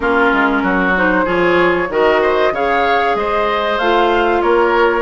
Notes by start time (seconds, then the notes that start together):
0.00 A#3 C#4 F4 A#4
0.32 G#3
0.62 F#3 F#4
0.96 D#4 C5
1.24 F3 F4 G#4 C#5
1.89 D#3 F#4 A#4 D#5
2.21 C5
2.51 C#3 G#4 C#5 F5
3.14 G#3 C5 D#5
3.78 A3 F4 F5
4.41 A#3 A#4 C#5